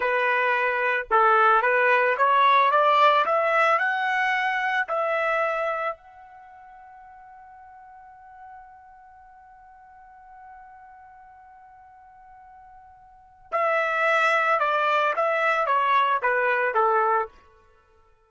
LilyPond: \new Staff \with { instrumentName = "trumpet" } { \time 4/4 \tempo 4 = 111 b'2 a'4 b'4 | cis''4 d''4 e''4 fis''4~ | fis''4 e''2 fis''4~ | fis''1~ |
fis''1~ | fis''1~ | fis''4 e''2 d''4 | e''4 cis''4 b'4 a'4 | }